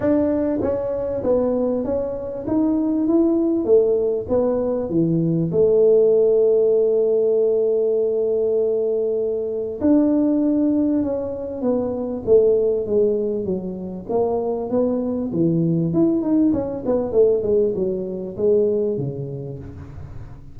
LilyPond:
\new Staff \with { instrumentName = "tuba" } { \time 4/4 \tempo 4 = 98 d'4 cis'4 b4 cis'4 | dis'4 e'4 a4 b4 | e4 a2.~ | a1 |
d'2 cis'4 b4 | a4 gis4 fis4 ais4 | b4 e4 e'8 dis'8 cis'8 b8 | a8 gis8 fis4 gis4 cis4 | }